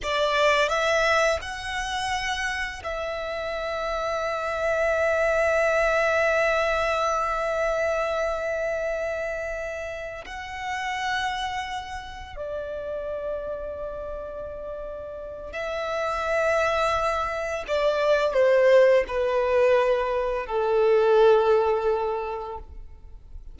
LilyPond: \new Staff \with { instrumentName = "violin" } { \time 4/4 \tempo 4 = 85 d''4 e''4 fis''2 | e''1~ | e''1~ | e''2~ e''8 fis''4.~ |
fis''4. d''2~ d''8~ | d''2 e''2~ | e''4 d''4 c''4 b'4~ | b'4 a'2. | }